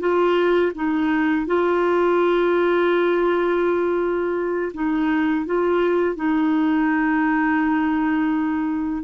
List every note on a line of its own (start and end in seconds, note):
0.00 0.72 F4
0.75 1.47 D#4
1.47 4.72 F4
4.74 5.46 D#4
5.46 6.16 F4
6.16 9.04 D#4